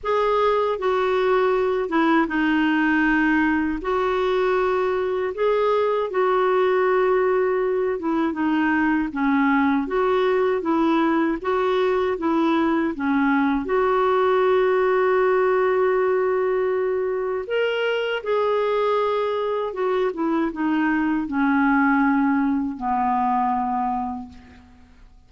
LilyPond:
\new Staff \with { instrumentName = "clarinet" } { \time 4/4 \tempo 4 = 79 gis'4 fis'4. e'8 dis'4~ | dis'4 fis'2 gis'4 | fis'2~ fis'8 e'8 dis'4 | cis'4 fis'4 e'4 fis'4 |
e'4 cis'4 fis'2~ | fis'2. ais'4 | gis'2 fis'8 e'8 dis'4 | cis'2 b2 | }